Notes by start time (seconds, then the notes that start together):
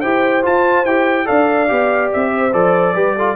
0.00 E4 G4 C5 G5
0.43 F4 A5
0.85 E4 G4 G5
1.25 D4 A4 D5 F5
1.68 B3 G4
2.13 C4 E5
2.32 C5
2.53 F3 A4 D5
2.95 G3 G4 B4
3.16 F4 A4